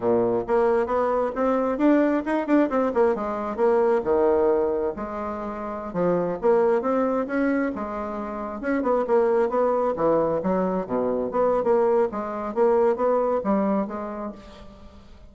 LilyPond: \new Staff \with { instrumentName = "bassoon" } { \time 4/4 \tempo 4 = 134 ais,4 ais4 b4 c'4 | d'4 dis'8 d'8 c'8 ais8 gis4 | ais4 dis2 gis4~ | gis4~ gis16 f4 ais4 c'8.~ |
c'16 cis'4 gis2 cis'8 b16~ | b16 ais4 b4 e4 fis8.~ | fis16 b,4 b8. ais4 gis4 | ais4 b4 g4 gis4 | }